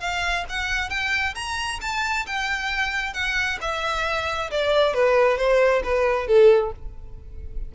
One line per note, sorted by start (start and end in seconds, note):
0.00 0.45 F5
0.49 0.90 F#5
0.90 1.35 G5
1.35 1.80 A#5
1.81 2.26 A5
2.27 3.14 G5
3.14 3.59 F#5
3.61 4.51 E5
4.51 4.94 D5
4.94 5.38 B4
5.38 5.82 C5
5.84 6.27 B4
6.27 6.72 A4